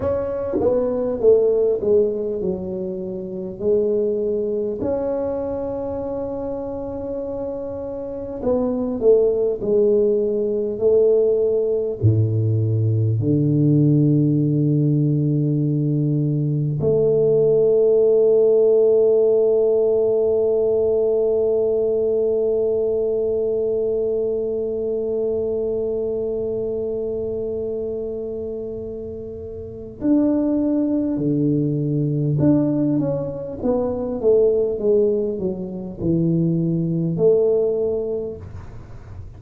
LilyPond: \new Staff \with { instrumentName = "tuba" } { \time 4/4 \tempo 4 = 50 cis'8 b8 a8 gis8 fis4 gis4 | cis'2. b8 a8 | gis4 a4 a,4 d4~ | d2 a2~ |
a1~ | a1~ | a4 d'4 d4 d'8 cis'8 | b8 a8 gis8 fis8 e4 a4 | }